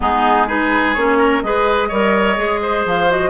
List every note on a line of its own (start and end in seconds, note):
0.00 0.96 G#3
0.00 0.47 B3
0.00 0.47 D#4
0.00 0.48 G#4
0.47 0.95 D#4
0.47 1.18 G#4
0.47 0.94 B4
0.94 1.42 A#3
0.94 1.43 C#4
0.94 1.41 C#5
1.18 1.41 A#4
1.41 1.90 G#3
1.41 1.91 G#4
1.41 1.88 B4
1.41 2.84 D#5
1.88 2.37 G3
1.88 2.36 A#4
1.88 2.60 C#5
2.36 2.85 G#3
2.36 3.07 G#4
2.62 3.29 C5
2.85 3.29 F3
2.85 3.11 F5
3.09 3.29 F#4
3.09 3.29 D#5